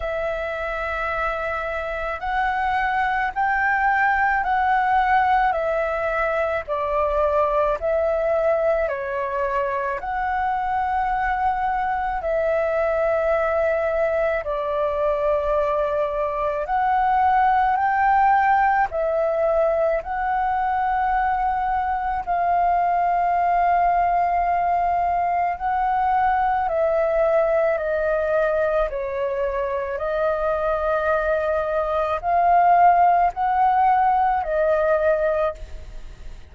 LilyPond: \new Staff \with { instrumentName = "flute" } { \time 4/4 \tempo 4 = 54 e''2 fis''4 g''4 | fis''4 e''4 d''4 e''4 | cis''4 fis''2 e''4~ | e''4 d''2 fis''4 |
g''4 e''4 fis''2 | f''2. fis''4 | e''4 dis''4 cis''4 dis''4~ | dis''4 f''4 fis''4 dis''4 | }